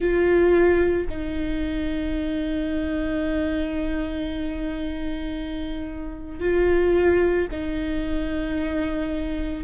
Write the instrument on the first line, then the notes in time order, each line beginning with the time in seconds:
viola
0.00 F4
1.09 D#4
6.40 F4
7.50 D#4